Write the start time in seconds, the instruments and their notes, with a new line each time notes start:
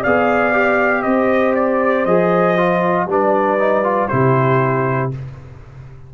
0.00 tuba B3, trombone G#4, horn D5, trumpet F5
0.53 trombone G4
1.02 tuba C4, horn C5, trumpet D#5
1.54 trumpet D5
2.06 tuba F3, trombone G#4, trumpet D#5
2.57 trombone F4
3.06 tuba G3, trombone D4, horn B4, trumpet D5
3.58 trombone D#4
3.83 trombone F4
4.08 tuba C3, trombone E4, horn G4, trumpet C5